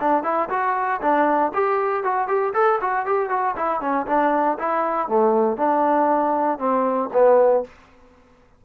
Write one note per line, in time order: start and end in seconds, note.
0.00 0.23 D4
0.23 0.49 E4
0.49 1.00 F#4
1.01 1.52 D4
1.53 2.03 G4
2.03 2.27 F#4
2.27 2.53 G4
2.54 2.79 A4
2.81 3.06 F#4
3.06 3.29 G4
3.29 3.55 F#4
3.56 3.80 E4
3.80 4.06 C#4
4.07 4.57 D4
4.58 5.08 E4
5.08 5.57 A3
5.57 6.58 D4
6.58 7.09 C4
7.13 7.64 B3